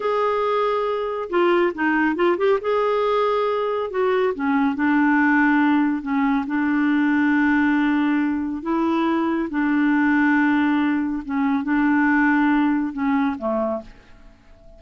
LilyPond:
\new Staff \with { instrumentName = "clarinet" } { \time 4/4 \tempo 4 = 139 gis'2. f'4 | dis'4 f'8 g'8 gis'2~ | gis'4 fis'4 cis'4 d'4~ | d'2 cis'4 d'4~ |
d'1 | e'2 d'2~ | d'2 cis'4 d'4~ | d'2 cis'4 a4 | }